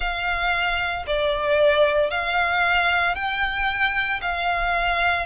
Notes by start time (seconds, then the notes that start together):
0.00 F5
1.06 D5
2.10 F5
3.15 G5
4.21 F5